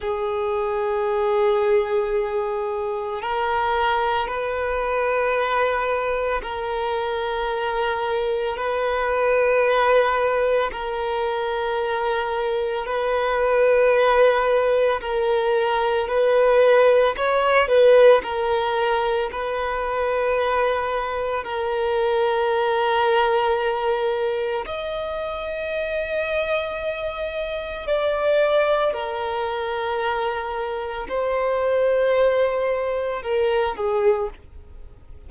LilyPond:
\new Staff \with { instrumentName = "violin" } { \time 4/4 \tempo 4 = 56 gis'2. ais'4 | b'2 ais'2 | b'2 ais'2 | b'2 ais'4 b'4 |
cis''8 b'8 ais'4 b'2 | ais'2. dis''4~ | dis''2 d''4 ais'4~ | ais'4 c''2 ais'8 gis'8 | }